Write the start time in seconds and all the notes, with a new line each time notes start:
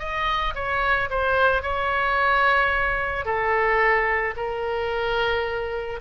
0.00 D#5
0.55 C#5
1.11 C5
1.63 C#5
3.26 A4
4.37 A#4